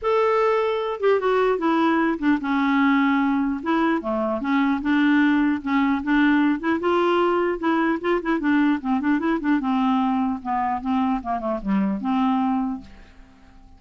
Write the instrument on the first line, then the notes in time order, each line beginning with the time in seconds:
clarinet
0.01 A4
1.00 G4
1.19 F#4
1.58 E4
2.19 D4
2.41 C#4
3.62 E4
4.01 A3
4.40 C#4
4.81 D4
5.62 C#4
6.03 D4
6.59 E4
6.79 F4
7.59 E4
8.00 F4
8.22 E4
8.39 D4
8.80 C4
9.00 D4
9.19 E4
9.40 D4
9.60 C4
10.42 B3
10.81 C4
11.22 A#3
11.39 A3
11.62 G3
12.01 C4